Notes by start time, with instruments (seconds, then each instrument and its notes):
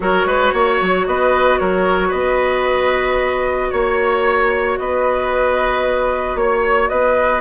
0.00 bassoon F#3, clarinet F#4, oboe A#4, flute C#5
0.25 bassoon G#3, oboe B4
0.53 bassoon A#3, oboe C#5
0.81 bassoon F#3
1.07 bassoon B3, oboe B4, flute D#5
1.58 bassoon F#3, oboe A#4, flute C#5
2.08 bassoon B3, oboe B4, flute D#5
3.70 bassoon A#3, flute C#5, oboe C#5
4.78 bassoon B3, oboe B4, flute D#5
6.35 bassoon A#3, flute C#5, oboe C#5
6.89 bassoon B3, oboe B4, flute D#5